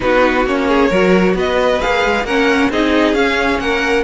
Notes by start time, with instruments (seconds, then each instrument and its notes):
0.00 cello B3, viola D#4, violin F#4 B4
0.45 cello A#3, viola C#4, violin C#5
0.68 violin G#4
0.89 cello F#3, viola F#4, violin A#4
1.33 cello B3, violin B4 D#5
1.81 cello A#3, viola G#4, violin F5
2.04 cello G#3
2.24 cello A#3, viola C#4, violin A#4 F#5
2.69 cello C4, viola D#4, violin G#4 D#5
3.13 cello C#4, viola C#4, violin F5
3.59 cello A#3, violin A#4 F#5